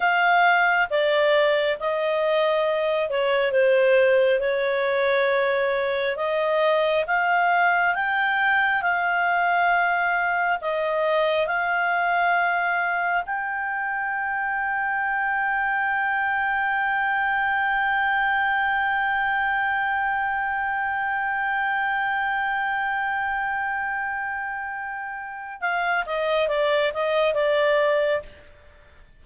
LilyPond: \new Staff \with { instrumentName = "clarinet" } { \time 4/4 \tempo 4 = 68 f''4 d''4 dis''4. cis''8 | c''4 cis''2 dis''4 | f''4 g''4 f''2 | dis''4 f''2 g''4~ |
g''1~ | g''1~ | g''1~ | g''4 f''8 dis''8 d''8 dis''8 d''4 | }